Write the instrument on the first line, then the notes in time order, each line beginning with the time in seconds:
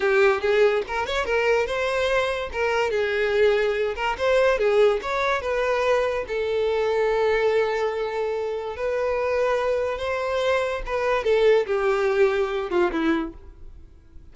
violin
0.00 G4
0.41 G#4
0.87 A#4
1.06 C#5
1.25 A#4
1.66 C5
2.52 A#4
2.90 G#4
3.95 A#4
4.18 C5
4.58 G#4
5.02 C#5
5.41 B4
6.27 A4
8.76 B4
9.98 C5
10.86 B4
11.24 A4
11.66 G4
12.70 F4
12.91 E4